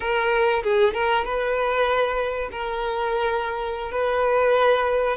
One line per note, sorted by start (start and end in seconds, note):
0.00 0.62 A#4
0.63 0.93 G#4
0.93 1.24 A#4
1.24 2.49 B4
2.51 3.91 A#4
3.91 5.16 B4